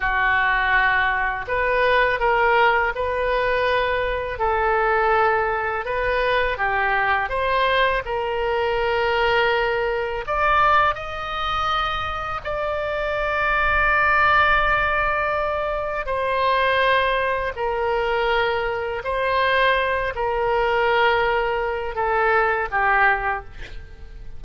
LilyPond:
\new Staff \with { instrumentName = "oboe" } { \time 4/4 \tempo 4 = 82 fis'2 b'4 ais'4 | b'2 a'2 | b'4 g'4 c''4 ais'4~ | ais'2 d''4 dis''4~ |
dis''4 d''2.~ | d''2 c''2 | ais'2 c''4. ais'8~ | ais'2 a'4 g'4 | }